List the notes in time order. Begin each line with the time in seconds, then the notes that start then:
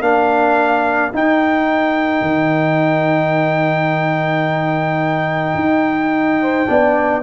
0.00 A#3 D4 A#4 F5
1.13 D#4 G5
2.21 D#3
5.55 D#4
6.41 C5
6.66 B3 D4 D5